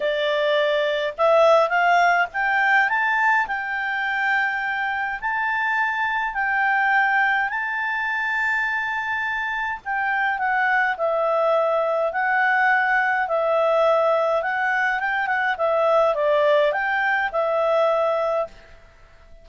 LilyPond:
\new Staff \with { instrumentName = "clarinet" } { \time 4/4 \tempo 4 = 104 d''2 e''4 f''4 | g''4 a''4 g''2~ | g''4 a''2 g''4~ | g''4 a''2.~ |
a''4 g''4 fis''4 e''4~ | e''4 fis''2 e''4~ | e''4 fis''4 g''8 fis''8 e''4 | d''4 g''4 e''2 | }